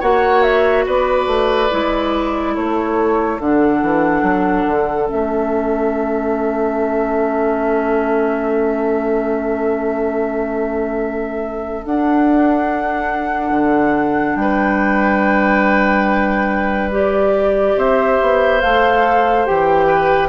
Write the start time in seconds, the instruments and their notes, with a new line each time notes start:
0.00 bassoon A#3, clarinet F#4, oboe C#5, flute F#5
0.42 flute E5
0.86 bassoon B3, oboe B4, flute D5
1.27 bassoon A3
1.71 bassoon G#3, clarinet E4
2.54 bassoon A3, oboe A4, flute C#5
3.39 bassoon D3, clarinet D4, flute F#5
3.82 bassoon E3
4.22 bassoon F#3
4.67 bassoon D3
5.06 bassoon A3, clarinet C#4, flute E5
11.85 bassoon D4, clarinet D4, flute F#5
13.51 bassoon D3
14.36 bassoon G3, oboe B4, flute G5
16.92 clarinet G4, flute D5
17.77 bassoon C4, oboe C5, flute E5
18.21 bassoon B3
18.61 bassoon A3, clarinet A4, flute F5
19.45 bassoon E3, clarinet G4, flute G5
19.87 oboe B4